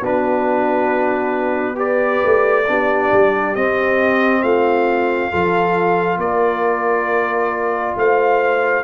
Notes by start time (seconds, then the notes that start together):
0.00 B3 D4 F#4 B4
1.75 G4 B4 D5
2.24 A3
2.67 B3 D4 G4
3.12 G3
3.55 C4 D#5
4.42 A3 F4 F5
5.30 F3 F4 A4
6.17 A#3 A#4 D5
7.96 A3 C5 F5